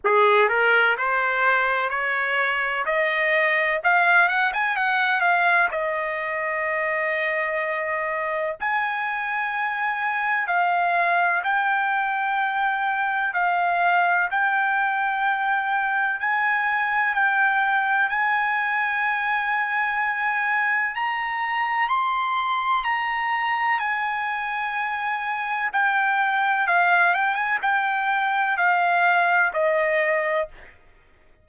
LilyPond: \new Staff \with { instrumentName = "trumpet" } { \time 4/4 \tempo 4 = 63 gis'8 ais'8 c''4 cis''4 dis''4 | f''8 fis''16 gis''16 fis''8 f''8 dis''2~ | dis''4 gis''2 f''4 | g''2 f''4 g''4~ |
g''4 gis''4 g''4 gis''4~ | gis''2 ais''4 c'''4 | ais''4 gis''2 g''4 | f''8 g''16 gis''16 g''4 f''4 dis''4 | }